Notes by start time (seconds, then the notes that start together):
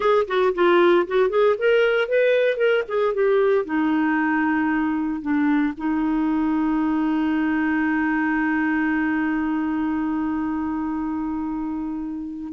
0.00 G#4
0.27 F#4
0.54 F4
1.07 F#4
1.29 G#4
1.58 A#4
2.08 B4
2.57 A#4
2.88 G#4
3.14 G4
3.65 D#4
5.21 D4
5.77 D#4